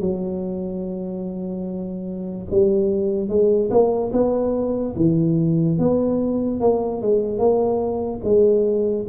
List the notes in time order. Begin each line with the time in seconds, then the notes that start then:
0.00 F#3
2.51 G3
3.28 G#3
3.70 A#3
4.12 B3
4.96 E3
5.78 B3
6.60 A#3
7.01 G#3
7.38 A#3
8.24 G#3